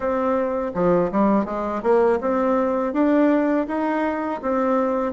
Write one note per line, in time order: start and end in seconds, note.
0.00 0.72 C4
0.74 1.10 F3
1.11 1.45 G3
1.45 1.82 G#3
1.82 2.19 A#3
2.21 2.93 C4
2.93 3.66 D4
3.68 4.41 D#4
4.42 5.12 C4